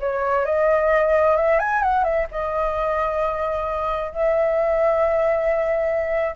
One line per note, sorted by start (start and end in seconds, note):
0.00 0.45 C#5
0.45 1.36 D#5
1.36 1.59 E5
1.59 1.82 G#5
1.82 2.04 F#5
2.04 2.27 E5
2.31 4.12 D#5
4.12 6.36 E5